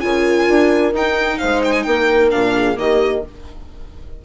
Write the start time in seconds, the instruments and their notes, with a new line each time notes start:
0.00 bassoon C#3, viola F4, horn A#4, violin G#5
0.48 bassoon D4
0.93 bassoon D#4, viola D#4, violin G5
1.38 bassoon G#3, horn C5, violin F5
1.64 violin G5
1.72 violin G#5
1.83 bassoon A#3, horn A#4, violin G5
2.30 bassoon A#2, viola D4, violin F5
2.55 horn G#4
2.75 bassoon D#3, viola A#3, horn G4, violin D#5